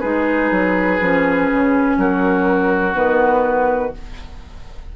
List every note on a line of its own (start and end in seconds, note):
0.00 0.51 G#3
0.00 1.01 D#4
0.00 1.97 G#4
0.00 1.97 B4
0.51 1.00 F#3
1.01 1.50 F3
1.01 2.94 C#4
1.52 1.98 C#3
1.98 2.95 F#3
1.98 3.96 F#4
1.98 2.95 A#4
2.94 3.93 D#3
2.94 3.92 B3
2.94 3.94 B4